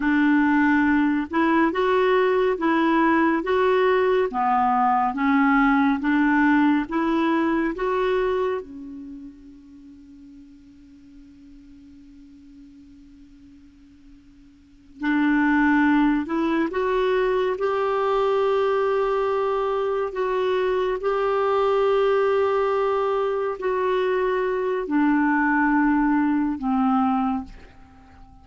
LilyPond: \new Staff \with { instrumentName = "clarinet" } { \time 4/4 \tempo 4 = 70 d'4. e'8 fis'4 e'4 | fis'4 b4 cis'4 d'4 | e'4 fis'4 cis'2~ | cis'1~ |
cis'4. d'4. e'8 fis'8~ | fis'8 g'2. fis'8~ | fis'8 g'2. fis'8~ | fis'4 d'2 c'4 | }